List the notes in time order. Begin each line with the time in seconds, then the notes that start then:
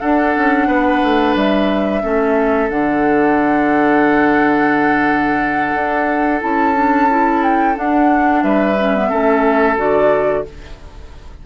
0.00 D4 A4 F#5
0.37 C#4
0.67 B3 B4
1.03 A3
1.36 G3 E5
2.02 A3 C#4 A4
2.70 D3 D4 F#5
5.74 D4
6.41 C#4 E4 A5
6.75 D4
7.10 E4
7.43 G5
7.75 D4 F#5
8.43 G3 B4 E5
8.80 C#4
8.96 B3
9.09 A3 C#4 A4
9.77 D3 F#4 D5